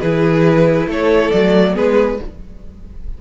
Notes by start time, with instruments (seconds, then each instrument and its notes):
0.00 cello E3, viola E4, violin G#4 B4
0.86 cello A3, violin A4 C#5
1.31 cello F#3, viola A3, violin D5
1.73 cello G#3, viola B3, violin G#4 B4